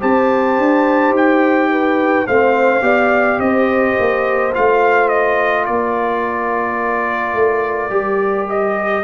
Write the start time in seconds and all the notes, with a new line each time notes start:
0.00 C4 G4 C5 A5
0.58 D4
1.10 D#4
1.16 G5
1.71 B4
2.27 A3 C4 C5 F5
2.81 B3 G4 D5
3.38 C4 C5 D#5
3.99 A#3
4.53 A3 F4 F5
5.08 D#5
5.65 A#3 A#4 D5
7.34 A3
7.90 G3 G4
8.49 D#5